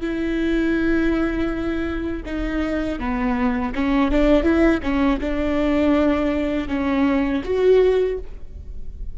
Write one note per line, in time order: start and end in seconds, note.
0.00 2.22 E4
2.26 2.99 D#4
2.99 3.73 B3
3.75 4.11 C#4
4.11 4.43 D4
4.43 4.80 E4
4.82 5.20 C#4
5.20 6.68 D4
6.68 7.42 C#4
7.44 8.18 F#4